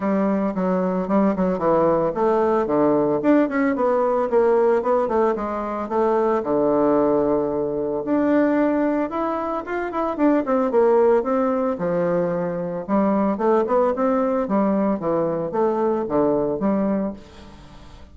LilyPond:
\new Staff \with { instrumentName = "bassoon" } { \time 4/4 \tempo 4 = 112 g4 fis4 g8 fis8 e4 | a4 d4 d'8 cis'8 b4 | ais4 b8 a8 gis4 a4 | d2. d'4~ |
d'4 e'4 f'8 e'8 d'8 c'8 | ais4 c'4 f2 | g4 a8 b8 c'4 g4 | e4 a4 d4 g4 | }